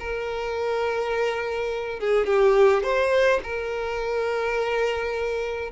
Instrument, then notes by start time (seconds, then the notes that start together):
violin
0.00 A#4
2.00 G#4
2.27 G4
2.83 C5
3.43 A#4